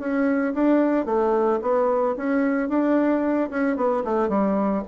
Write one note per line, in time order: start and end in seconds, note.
0.00 0.54 C#4
0.55 1.06 D4
1.06 1.60 A3
1.62 2.16 B3
2.17 2.69 C#4
2.69 3.50 D4
3.51 3.77 C#4
3.77 4.04 B3
4.05 4.29 A3
4.29 4.84 G3